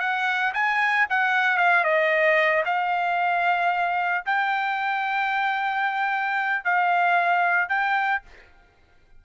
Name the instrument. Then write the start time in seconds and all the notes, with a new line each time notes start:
trumpet
0.00 F#5
0.54 G#5
1.10 F#5
1.58 F5
1.84 D#5
2.66 F5
4.26 G5
6.65 F5
7.69 G5